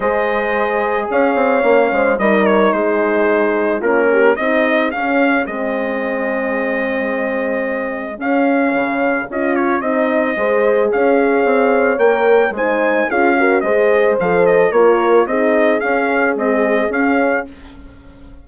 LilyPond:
<<
  \new Staff \with { instrumentName = "trumpet" } { \time 4/4 \tempo 4 = 110 dis''2 f''2 | dis''8 cis''8 c''2 ais'4 | dis''4 f''4 dis''2~ | dis''2. f''4~ |
f''4 dis''8 cis''8 dis''2 | f''2 g''4 gis''4 | f''4 dis''4 f''8 dis''8 cis''4 | dis''4 f''4 dis''4 f''4 | }
  \new Staff \with { instrumentName = "horn" } { \time 4/4 c''2 cis''4. c''8 | ais'4 gis'2 f'8 g'8 | gis'1~ | gis'1~ |
gis'2. c''4 | cis''2. c''4 | gis'8 ais'8 c''2 ais'4 | gis'1 | }
  \new Staff \with { instrumentName = "horn" } { \time 4/4 gis'2. cis'4 | dis'2. cis'4 | dis'4 cis'4 c'2~ | c'2. cis'4~ |
cis'4 f'4 dis'4 gis'4~ | gis'2 ais'4 dis'4 | f'8 fis'8 gis'4 a'4 f'4 | dis'4 cis'4 gis4 cis'4 | }
  \new Staff \with { instrumentName = "bassoon" } { \time 4/4 gis2 cis'8 c'8 ais8 gis8 | g4 gis2 ais4 | c'4 cis'4 gis2~ | gis2. cis'4 |
cis4 cis'4 c'4 gis4 | cis'4 c'4 ais4 gis4 | cis'4 gis4 f4 ais4 | c'4 cis'4 c'4 cis'4 | }
>>